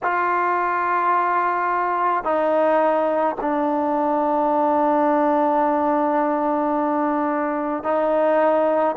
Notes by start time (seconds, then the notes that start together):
0.02 F4
2.24 D#4
3.40 D4
7.83 D#4